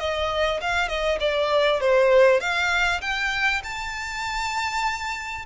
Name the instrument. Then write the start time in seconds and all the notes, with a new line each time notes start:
violin
0.00 D#5
0.61 F5
0.89 D#5
1.20 D5
1.81 C5
2.41 F5
3.02 G5
3.64 A5